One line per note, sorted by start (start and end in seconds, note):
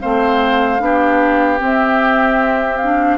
0.00 0.80 A3
0.00 0.79 C4
0.00 0.81 C5
0.00 1.60 F5
0.79 1.60 B3
0.79 1.58 D4
0.79 3.18 G4
1.58 2.78 C4
1.58 3.18 C4
1.64 2.77 E5
2.77 3.18 D4
2.77 3.17 F5